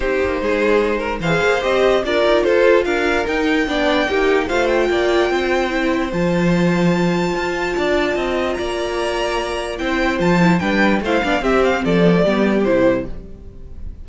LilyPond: <<
  \new Staff \with { instrumentName = "violin" } { \time 4/4 \tempo 4 = 147 c''2. f''4 | dis''4 d''4 c''4 f''4 | g''2. f''8 g''8~ | g''2. a''4~ |
a''1~ | a''4 ais''2. | g''4 a''4 g''4 f''4 | e''8 f''8 d''2 c''4 | }
  \new Staff \with { instrumentName = "violin" } { \time 4/4 g'4 gis'4. ais'8 c''4~ | c''4 ais'4 a'4 ais'4~ | ais'4 d''4 g'4 c''4 | d''4 c''2.~ |
c''2. d''4 | dis''4 d''2. | c''2 b'4 c''8 d''8 | g'4 a'4 g'2 | }
  \new Staff \with { instrumentName = "viola" } { \time 4/4 dis'2. gis'4 | g'4 f'2. | dis'4 d'4 dis'4 f'4~ | f'2 e'4 f'4~ |
f'1~ | f'1 | e'4 f'8 e'8 d'4 e'8 d'8 | c'4. b16 a16 b4 e'4 | }
  \new Staff \with { instrumentName = "cello" } { \time 4/4 c'8 ais8 gis2 e8 ais8 | c'4 d'8 dis'8 f'4 d'4 | dis'4 b4 ais4 a4 | ais4 c'2 f4~ |
f2 f'4 d'4 | c'4 ais2. | c'4 f4 g4 a8 b8 | c'4 f4 g4 c4 | }
>>